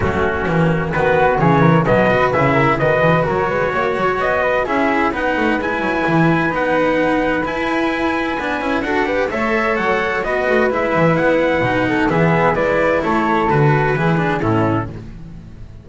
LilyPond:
<<
  \new Staff \with { instrumentName = "trumpet" } { \time 4/4 \tempo 4 = 129 fis'2 b'4 cis''4 | dis''4 e''4 dis''4 cis''4~ | cis''4 dis''4 e''4 fis''4 | gis''2 fis''2 |
gis''2. fis''4 | e''4 fis''4 dis''4 e''4 | fis''2 e''4 d''4 | cis''4 b'2 a'4 | }
  \new Staff \with { instrumentName = "flute" } { \time 4/4 cis'2 fis'4 gis'8 ais'8 | b'4. ais'8 b'4 ais'8 b'8 | cis''4. b'8 gis'4 b'4~ | b'1~ |
b'2. a'8 b'8 | cis''2 b'2~ | b'4. a'8 gis'4 b'4 | a'2 gis'4 e'4 | }
  \new Staff \with { instrumentName = "cello" } { \time 4/4 a4 ais4 b4 e4 | fis8 fis'8 e'4 fis'2~ | fis'2 e'4 dis'4 | e'2 dis'2 |
e'2 d'8 e'8 fis'8 g'8 | a'2 fis'4 e'4~ | e'4 dis'4 b4 e'4~ | e'4 fis'4 e'8 d'8 cis'4 | }
  \new Staff \with { instrumentName = "double bass" } { \time 4/4 fis4 e4 dis4 cis4 | b,4 cis4 dis8 e8 fis8 gis8 | ais8 fis8 b4 cis'4 b8 a8 | gis8 fis8 e4 b2 |
e'2 b8 cis'8 d'4 | a4 fis4 b8 a8 gis8 e8 | b4 b,4 e4 gis4 | a4 d4 e4 a,4 | }
>>